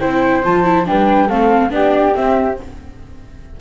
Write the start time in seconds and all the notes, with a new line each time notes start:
0.00 C4 E4 C5 G5
0.44 F3 F4 A5
0.64 E4
0.85 G3 D4 B4 G5
1.28 A3 C4 A4 F5
1.70 B3 D4 G4 D5
2.15 C4 E5